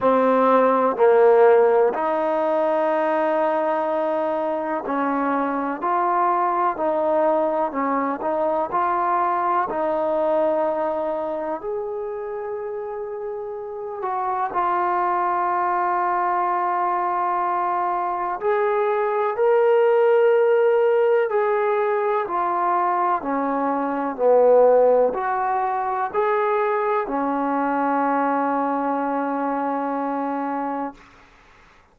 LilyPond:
\new Staff \with { instrumentName = "trombone" } { \time 4/4 \tempo 4 = 62 c'4 ais4 dis'2~ | dis'4 cis'4 f'4 dis'4 | cis'8 dis'8 f'4 dis'2 | gis'2~ gis'8 fis'8 f'4~ |
f'2. gis'4 | ais'2 gis'4 f'4 | cis'4 b4 fis'4 gis'4 | cis'1 | }